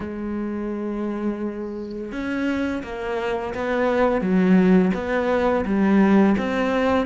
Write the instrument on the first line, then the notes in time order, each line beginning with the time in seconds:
cello
0.00 G#3
2.12 C#4
2.83 A#3
3.54 B3
4.21 F#3
4.94 B3
5.65 G3
6.37 C4